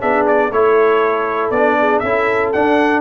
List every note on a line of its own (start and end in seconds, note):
0.00 0.51 B3
0.00 0.50 D4
0.00 0.50 G#4
0.00 0.26 E5
0.26 0.52 D5
0.51 1.50 A3
0.51 1.53 E4
0.51 1.78 A4
0.51 1.50 C#5
1.50 2.01 B3
1.50 2.04 D4
1.50 1.99 D5
1.78 2.01 G#4
1.99 2.53 C#4
1.99 3.01 A4
1.99 2.49 E5
2.05 2.54 E4
2.52 3.01 D4
2.52 3.01 F#5